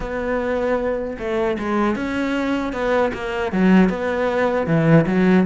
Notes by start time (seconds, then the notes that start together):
0.00 B3
1.18 A3
1.58 G#3
1.95 C#4
2.73 B3
3.13 A#3
3.52 F#3
3.89 B3
4.66 E3
5.06 F#3